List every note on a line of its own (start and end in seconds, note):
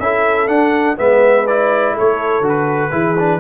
0.00 0.47 C#4
0.00 0.48 E4
0.00 0.98 A4
0.00 0.48 E5
0.47 0.96 D4
0.47 0.97 D4
0.47 0.97 F#5
0.98 1.97 G#3
0.98 1.46 B3
0.98 1.94 B4
0.98 1.47 E5
1.47 2.43 E4
1.47 1.96 D5
1.94 2.91 A4
1.94 2.48 C#5
2.01 2.41 A3
2.41 2.90 D3
2.41 2.91 F#4
2.49 3.41 B4
2.91 3.41 E3
2.91 3.16 E4
2.91 3.41 G#4
3.19 3.41 D4